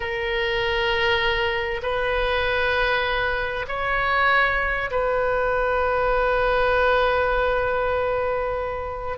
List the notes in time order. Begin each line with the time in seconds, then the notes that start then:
0.00 A#4
1.82 B4
3.67 C#5
4.90 B4